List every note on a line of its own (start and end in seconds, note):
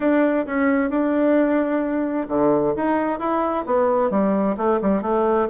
0.00 0.46 D4
0.46 0.89 C#4
0.89 2.27 D4
2.28 2.74 D3
2.76 3.19 D#4
3.19 3.64 E4
3.66 4.10 B3
4.10 4.56 G3
4.57 4.80 A3
4.81 5.02 G3
5.02 5.48 A3